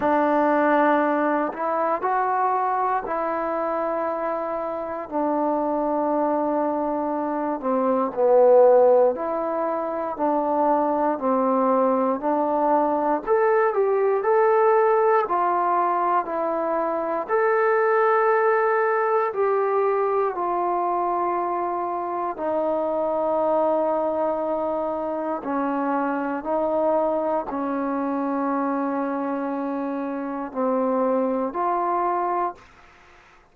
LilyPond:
\new Staff \with { instrumentName = "trombone" } { \time 4/4 \tempo 4 = 59 d'4. e'8 fis'4 e'4~ | e'4 d'2~ d'8 c'8 | b4 e'4 d'4 c'4 | d'4 a'8 g'8 a'4 f'4 |
e'4 a'2 g'4 | f'2 dis'2~ | dis'4 cis'4 dis'4 cis'4~ | cis'2 c'4 f'4 | }